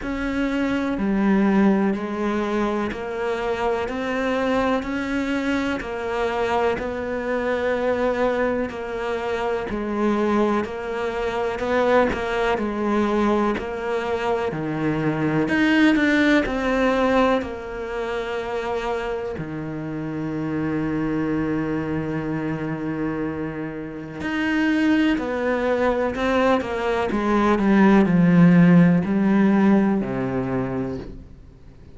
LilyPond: \new Staff \with { instrumentName = "cello" } { \time 4/4 \tempo 4 = 62 cis'4 g4 gis4 ais4 | c'4 cis'4 ais4 b4~ | b4 ais4 gis4 ais4 | b8 ais8 gis4 ais4 dis4 |
dis'8 d'8 c'4 ais2 | dis1~ | dis4 dis'4 b4 c'8 ais8 | gis8 g8 f4 g4 c4 | }